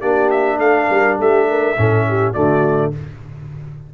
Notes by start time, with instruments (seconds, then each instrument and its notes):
0.00 tuba A#3, trombone D4, horn G4, trumpet D5
0.30 trumpet E5
0.58 tuba A3, horn A4, trumpet F5
0.90 tuba G3, horn A#4
1.18 tuba A3, horn G4, trumpet E5
1.49 horn A#4
1.77 tuba A2, trombone C#4, horn A4
2.08 horn G4
2.34 tuba D3, trombone A3, horn F#4, trumpet D5